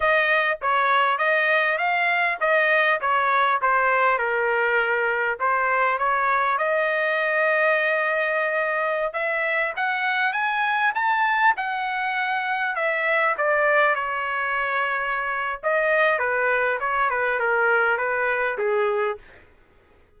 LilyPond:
\new Staff \with { instrumentName = "trumpet" } { \time 4/4 \tempo 4 = 100 dis''4 cis''4 dis''4 f''4 | dis''4 cis''4 c''4 ais'4~ | ais'4 c''4 cis''4 dis''4~ | dis''2.~ dis''16 e''8.~ |
e''16 fis''4 gis''4 a''4 fis''8.~ | fis''4~ fis''16 e''4 d''4 cis''8.~ | cis''2 dis''4 b'4 | cis''8 b'8 ais'4 b'4 gis'4 | }